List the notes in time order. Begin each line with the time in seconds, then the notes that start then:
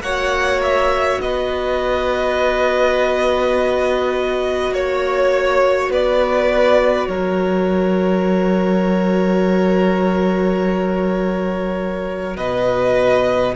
0.00 A#3 F#4 C#5 F#5
0.62 E5
1.20 B3 B4 D#5
4.71 A#3 C#5
5.90 B3 B4 D5
7.07 F#3 A#4 C#5
12.36 B2 B4 D#5